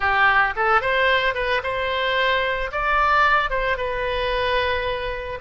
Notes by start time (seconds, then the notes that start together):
0.00 G4
0.56 A4
0.81 C5
1.34 B4
1.63 C5
2.71 D5
3.50 C5
3.77 B4